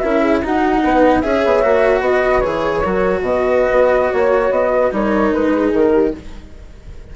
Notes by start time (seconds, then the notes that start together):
0.00 C#4 E4 A#4 E5
0.22 G#4
0.43 D#4 F#4 F#5
0.84 B3 B4
1.21 C#4 G#4 C#5 E5
1.45 B3
1.63 A#3 F#4
2.01 B3 B4 D#5
2.41 E3 G#4 C#5
2.82 F#3 F#4 A#4
3.21 B2 B4 D#5
3.72 B3
4.11 A#3 C#5
4.51 B3 D#5
4.73 B4
4.92 G3 D#4 A#4 C#5
5.32 G#3 B4
5.54 G#4
5.73 D#3 A#4
5.93 G4